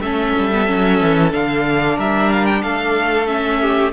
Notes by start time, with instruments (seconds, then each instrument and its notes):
0.00 cello A3, viola C#4, violin A4 E5
0.38 cello G3
0.52 viola B3
0.66 cello F#3, viola C#4
1.01 cello E3
1.31 cello D3, viola D4, violin F5
1.96 cello G3, violin A#4 E5
2.32 violin F5
2.46 violin G5
2.62 cello A3, violin A4 F5
3.26 viola C#4, violin E5
3.60 violin G4